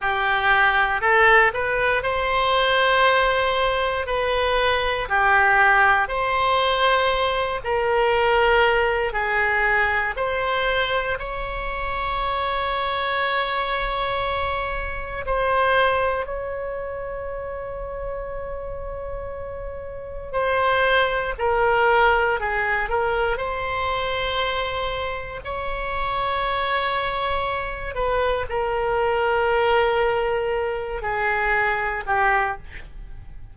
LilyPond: \new Staff \with { instrumentName = "oboe" } { \time 4/4 \tempo 4 = 59 g'4 a'8 b'8 c''2 | b'4 g'4 c''4. ais'8~ | ais'4 gis'4 c''4 cis''4~ | cis''2. c''4 |
cis''1 | c''4 ais'4 gis'8 ais'8 c''4~ | c''4 cis''2~ cis''8 b'8 | ais'2~ ais'8 gis'4 g'8 | }